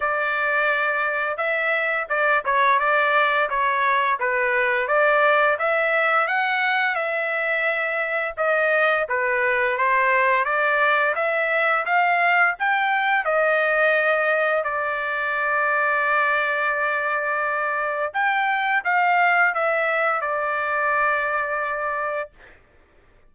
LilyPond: \new Staff \with { instrumentName = "trumpet" } { \time 4/4 \tempo 4 = 86 d''2 e''4 d''8 cis''8 | d''4 cis''4 b'4 d''4 | e''4 fis''4 e''2 | dis''4 b'4 c''4 d''4 |
e''4 f''4 g''4 dis''4~ | dis''4 d''2.~ | d''2 g''4 f''4 | e''4 d''2. | }